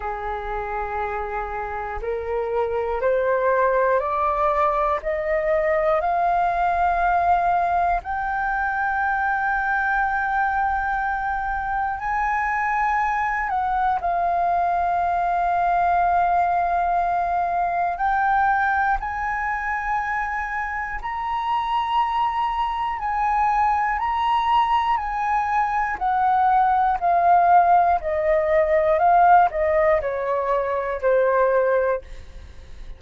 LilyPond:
\new Staff \with { instrumentName = "flute" } { \time 4/4 \tempo 4 = 60 gis'2 ais'4 c''4 | d''4 dis''4 f''2 | g''1 | gis''4. fis''8 f''2~ |
f''2 g''4 gis''4~ | gis''4 ais''2 gis''4 | ais''4 gis''4 fis''4 f''4 | dis''4 f''8 dis''8 cis''4 c''4 | }